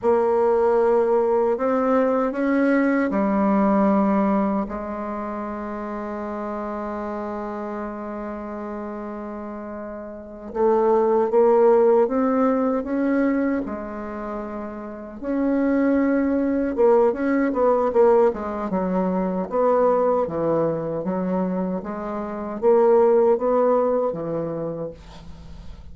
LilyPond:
\new Staff \with { instrumentName = "bassoon" } { \time 4/4 \tempo 4 = 77 ais2 c'4 cis'4 | g2 gis2~ | gis1~ | gis4. a4 ais4 c'8~ |
c'8 cis'4 gis2 cis'8~ | cis'4. ais8 cis'8 b8 ais8 gis8 | fis4 b4 e4 fis4 | gis4 ais4 b4 e4 | }